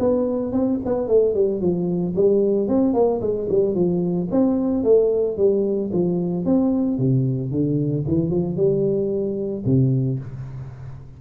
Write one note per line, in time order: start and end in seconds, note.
0.00 0.53 B3
0.53 0.79 C4
0.86 1.08 B3
1.08 1.35 A3
1.35 1.61 G3
1.61 2.15 F3
2.16 2.69 G3
2.69 2.94 C4
2.94 3.21 A#3
3.21 3.48 G#3
3.50 3.75 G3
3.75 4.29 F3
4.31 4.84 C4
4.84 5.38 A3
5.38 5.91 G3
5.93 6.46 F3
6.46 6.98 C4
6.98 7.51 C3
7.51 8.05 D3
8.08 8.30 E3
8.30 8.57 F3
8.57 9.64 G3
9.66 10.20 C3